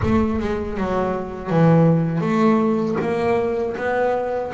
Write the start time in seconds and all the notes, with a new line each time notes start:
0.02 A3
0.40 G#3
0.77 F#3
1.50 E3
2.21 A3
3.01 A#3
3.76 B3